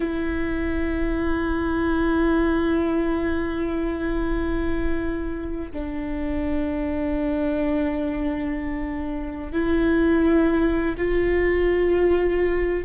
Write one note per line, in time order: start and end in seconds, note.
0.00 5.71 E4
5.71 9.52 D4
9.52 10.95 E4
10.97 12.85 F4